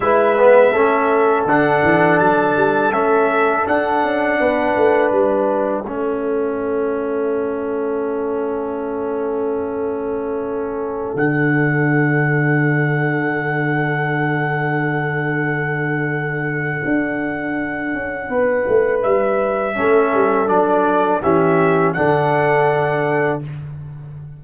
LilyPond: <<
  \new Staff \with { instrumentName = "trumpet" } { \time 4/4 \tempo 4 = 82 e''2 fis''4 a''4 | e''4 fis''2 e''4~ | e''1~ | e''2.~ e''16 fis''8.~ |
fis''1~ | fis''1~ | fis''2 e''2 | d''4 e''4 fis''2 | }
  \new Staff \with { instrumentName = "horn" } { \time 4/4 b'4 a'2.~ | a'2 b'2 | a'1~ | a'1~ |
a'1~ | a'1~ | a'4 b'2 a'4~ | a'4 g'4 a'2 | }
  \new Staff \with { instrumentName = "trombone" } { \time 4/4 e'8 b8 cis'4 d'2 | cis'4 d'2. | cis'1~ | cis'2.~ cis'16 d'8.~ |
d'1~ | d'1~ | d'2. cis'4 | d'4 cis'4 d'2 | }
  \new Staff \with { instrumentName = "tuba" } { \time 4/4 gis4 a4 d8 e8 fis8 g8 | a4 d'8 cis'8 b8 a8 g4 | a1~ | a2.~ a16 d8.~ |
d1~ | d2. d'4~ | d'8 cis'8 b8 a8 g4 a8 g8 | fis4 e4 d2 | }
>>